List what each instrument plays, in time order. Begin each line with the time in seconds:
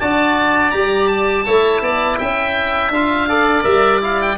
0.00 tuba D4, trombone F#4, oboe D5 A5
0.71 tuba G3, trombone G4, oboe A#5
1.08 oboe A5
1.46 tuba A3, trombone E4, oboe C#5
1.82 tuba B3, oboe D5
2.20 tuba C#4, oboe E5 G5
2.90 tuba D4, trombone F4, oboe F5
3.29 trombone A4, oboe D5
3.64 tuba G3, trombone A#4, oboe E5
4.02 trombone E4, oboe F5
4.22 oboe G5